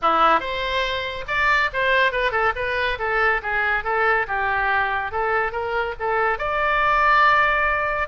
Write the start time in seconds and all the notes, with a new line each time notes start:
0.01 E4
0.39 C5
1.27 D5
1.73 C5
2.12 B4
2.31 A4
2.55 B4
2.98 A4
3.42 G#4
3.84 A4
4.27 G4
5.11 A4
5.51 A#4
5.99 A4
6.38 D5